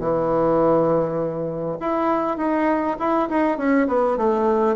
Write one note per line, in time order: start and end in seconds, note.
0.00 1.78 E3
1.80 2.38 E4
2.38 2.97 D#4
2.99 3.29 E4
3.29 3.58 D#4
3.58 3.87 C#4
3.88 4.17 B3
4.17 4.77 A3